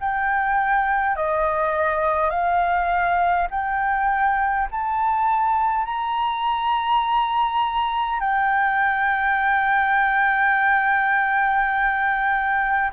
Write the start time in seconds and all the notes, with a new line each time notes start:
0.00 G5
1.16 D#5
2.30 F5
3.51 G5
4.72 A5
5.85 A#5
8.20 G5